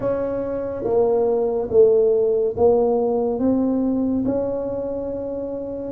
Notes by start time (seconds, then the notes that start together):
0.00 C#4
0.84 A#3
1.70 A3
2.56 A#3
3.39 C4
4.25 C#4